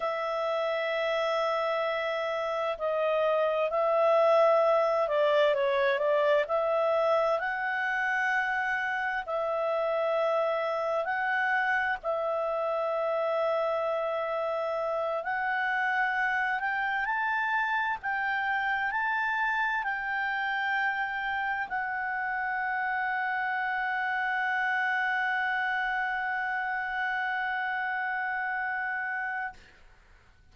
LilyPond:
\new Staff \with { instrumentName = "clarinet" } { \time 4/4 \tempo 4 = 65 e''2. dis''4 | e''4. d''8 cis''8 d''8 e''4 | fis''2 e''2 | fis''4 e''2.~ |
e''8 fis''4. g''8 a''4 g''8~ | g''8 a''4 g''2 fis''8~ | fis''1~ | fis''1 | }